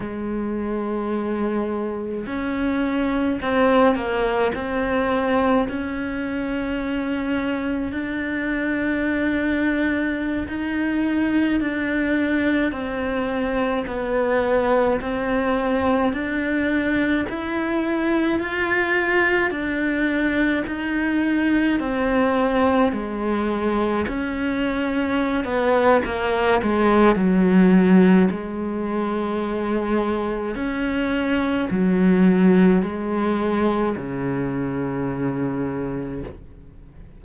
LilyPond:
\new Staff \with { instrumentName = "cello" } { \time 4/4 \tempo 4 = 53 gis2 cis'4 c'8 ais8 | c'4 cis'2 d'4~ | d'4~ d'16 dis'4 d'4 c'8.~ | c'16 b4 c'4 d'4 e'8.~ |
e'16 f'4 d'4 dis'4 c'8.~ | c'16 gis4 cis'4~ cis'16 b8 ais8 gis8 | fis4 gis2 cis'4 | fis4 gis4 cis2 | }